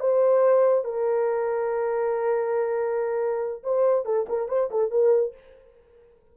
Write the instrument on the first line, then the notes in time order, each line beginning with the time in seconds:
horn
0.00 C5
0.84 A#4
3.63 C5
4.05 A4
4.29 A#4
4.49 C5
4.71 A4
4.91 A#4